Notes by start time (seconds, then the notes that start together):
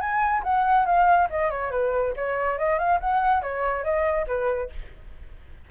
0.00 G#5
0.43 F#5
0.86 F5
1.30 D#5
1.50 C#5
1.71 B4
2.16 C#5
2.58 D#5
2.79 F5
3.00 F#5
3.42 C#5
3.83 D#5
4.27 B4